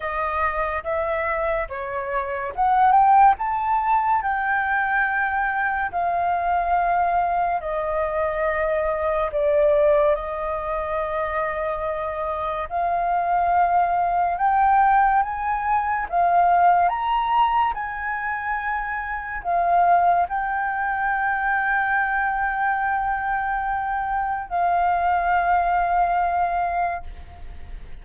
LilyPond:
\new Staff \with { instrumentName = "flute" } { \time 4/4 \tempo 4 = 71 dis''4 e''4 cis''4 fis''8 g''8 | a''4 g''2 f''4~ | f''4 dis''2 d''4 | dis''2. f''4~ |
f''4 g''4 gis''4 f''4 | ais''4 gis''2 f''4 | g''1~ | g''4 f''2. | }